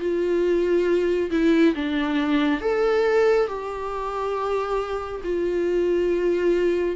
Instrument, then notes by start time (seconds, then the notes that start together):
viola
0.00 F4
1.31 E4
1.75 D4
2.62 A4
3.48 G4
5.25 F4